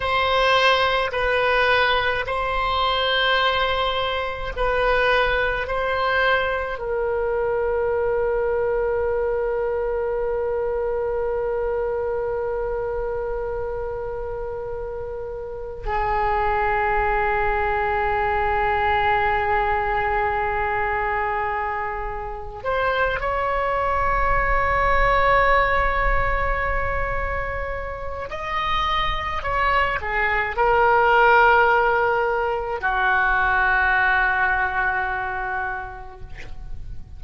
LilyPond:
\new Staff \with { instrumentName = "oboe" } { \time 4/4 \tempo 4 = 53 c''4 b'4 c''2 | b'4 c''4 ais'2~ | ais'1~ | ais'2 gis'2~ |
gis'1 | c''8 cis''2.~ cis''8~ | cis''4 dis''4 cis''8 gis'8 ais'4~ | ais'4 fis'2. | }